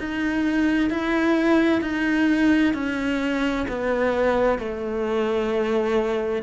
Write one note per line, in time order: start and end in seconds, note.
0.00 0.91 D#4
0.91 1.82 E4
1.82 2.74 D#4
2.74 3.66 C#4
3.68 4.59 B3
4.59 6.43 A3